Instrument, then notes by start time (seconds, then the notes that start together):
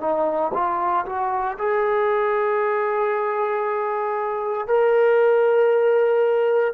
trombone
0.00 D#4
0.54 F4
1.06 F#4
1.58 G#4
4.67 A#4